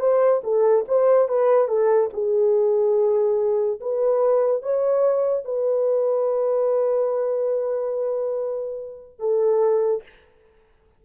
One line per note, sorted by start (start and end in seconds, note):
0.00 0.42 C5
0.44 0.85 A4
0.88 1.28 C5
1.28 1.68 B4
1.68 2.09 A4
2.13 3.80 G#4
3.80 4.62 B4
4.62 5.45 C#5
5.45 9.19 B4
9.19 10.03 A4